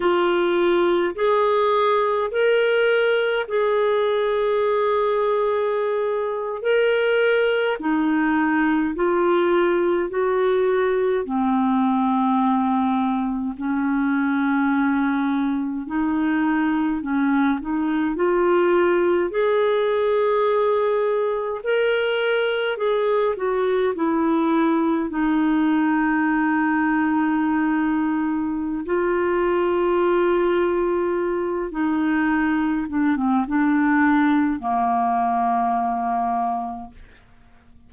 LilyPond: \new Staff \with { instrumentName = "clarinet" } { \time 4/4 \tempo 4 = 52 f'4 gis'4 ais'4 gis'4~ | gis'4.~ gis'16 ais'4 dis'4 f'16~ | f'8. fis'4 c'2 cis'16~ | cis'4.~ cis'16 dis'4 cis'8 dis'8 f'16~ |
f'8. gis'2 ais'4 gis'16~ | gis'16 fis'8 e'4 dis'2~ dis'16~ | dis'4 f'2~ f'8 dis'8~ | dis'8 d'16 c'16 d'4 ais2 | }